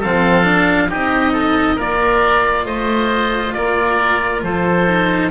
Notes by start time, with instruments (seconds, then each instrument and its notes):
0.00 double bass F3, cello C4, oboe A4 F5
0.44 cello D4
0.89 double bass C4, cello D#4, oboe G4 D#5
1.33 oboe A4
1.76 double bass A#3, cello F4, oboe A#4 D5
2.66 double bass A3, oboe C5 D#5
3.54 double bass A#3, oboe A#4 D5
4.43 double bass F3, oboe A4 C5
4.87 cello D#4